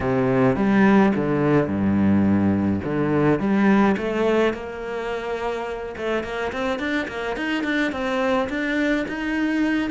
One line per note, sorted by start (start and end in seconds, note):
0.00 0.56 C3
0.56 1.12 G3
1.15 1.67 D3
1.67 2.80 G2
2.84 3.39 D3
3.39 3.96 G3
3.97 4.53 A3
4.53 5.95 A#3
5.97 6.23 A3
6.23 6.51 A#3
6.52 6.79 C4
6.79 7.07 D4
7.08 7.36 A#3
7.36 7.63 D#4
7.63 7.91 D4
7.91 8.48 C4
8.49 9.05 D4
9.07 9.90 D#4